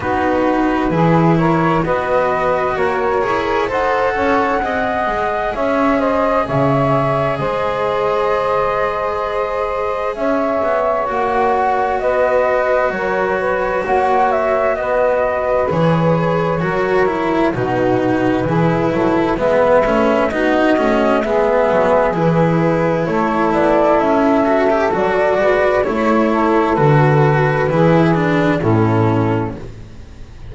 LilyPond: <<
  \new Staff \with { instrumentName = "flute" } { \time 4/4 \tempo 4 = 65 b'4. cis''8 dis''4 cis''4 | fis''2 e''8 dis''8 e''4 | dis''2. e''4 | fis''4 dis''4 cis''4 fis''8 e''8 |
dis''4 cis''2 b'4~ | b'4 e''4 dis''4 e''4 | b'4 cis''8 d''8 e''4 d''4 | cis''4 b'2 a'4 | }
  \new Staff \with { instrumentName = "saxophone" } { \time 4/4 fis'4 gis'8 ais'8 b'4 ais'4 | c''8 cis''8 dis''4 cis''8 c''8 cis''4 | c''2. cis''4~ | cis''4 b'4 ais'8 b'8 cis''4 |
b'2 ais'4 fis'4 | gis'8 a'8 b'4 fis'4 gis'4~ | gis'4 a'2~ a'8 b'8 | cis''8 a'4. gis'4 e'4 | }
  \new Staff \with { instrumentName = "cello" } { \time 4/4 dis'4 e'4 fis'4. gis'8 | a'4 gis'2.~ | gis'1 | fis'1~ |
fis'4 gis'4 fis'8 e'8 dis'4 | e'4 b8 cis'8 dis'8 cis'8 b4 | e'2~ e'8 fis'16 g'16 fis'4 | e'4 fis'4 e'8 d'8 cis'4 | }
  \new Staff \with { instrumentName = "double bass" } { \time 4/4 b4 e4 b4 ais8 e'8 | dis'8 cis'8 c'8 gis8 cis'4 cis4 | gis2. cis'8 b8 | ais4 b4 fis4 ais4 |
b4 e4 fis4 b,4 | e8 fis8 gis8 a8 b8 a8 gis8 fis8 | e4 a8 b8 cis'4 fis8 gis8 | a4 d4 e4 a,4 | }
>>